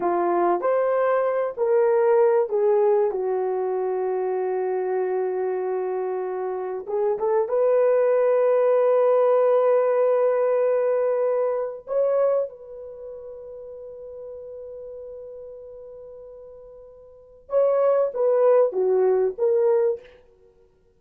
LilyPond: \new Staff \with { instrumentName = "horn" } { \time 4/4 \tempo 4 = 96 f'4 c''4. ais'4. | gis'4 fis'2.~ | fis'2. gis'8 a'8 | b'1~ |
b'2. cis''4 | b'1~ | b'1 | cis''4 b'4 fis'4 ais'4 | }